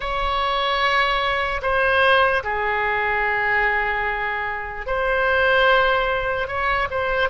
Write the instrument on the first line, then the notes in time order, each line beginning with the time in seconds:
oboe
0.00 C#5
1.62 C5
2.43 G#4
4.86 C5
6.47 C#5
6.90 C5